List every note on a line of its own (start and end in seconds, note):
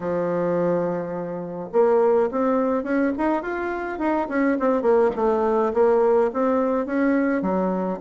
0.00 1.69 F3
1.72 2.29 A#3
2.31 2.83 C4
2.83 3.12 C#4
3.17 3.42 D#4
3.42 3.98 F4
3.98 4.27 D#4
4.29 4.57 C#4
4.59 4.82 C4
4.82 5.10 A#3
5.15 5.72 A3
5.73 6.30 A#3
6.33 6.86 C4
6.86 7.41 C#4
7.41 7.98 F#3